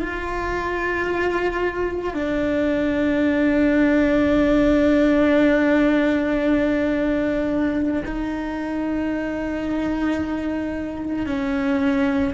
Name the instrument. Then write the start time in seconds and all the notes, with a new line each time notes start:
cello
0.00 F4
2.13 D4
8.05 D#4
11.26 C#4